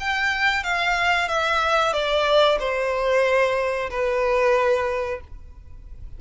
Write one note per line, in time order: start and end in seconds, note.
0.00 0.64 G5
0.64 1.28 F5
1.28 1.93 E5
1.93 2.58 D5
2.60 3.90 C5
3.90 5.21 B4